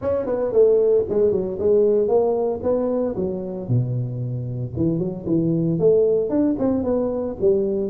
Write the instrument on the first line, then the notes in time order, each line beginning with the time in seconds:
tuba
0.01 C#4
0.26 B3
0.52 A3
1.09 G#3
1.31 F#3
1.59 G#3
2.07 A#3
2.62 B3
3.15 F#3
3.68 B2
4.76 E3
4.98 F#3
5.26 E3
5.79 A3
6.29 D4
6.58 C4
6.83 B3
7.41 G3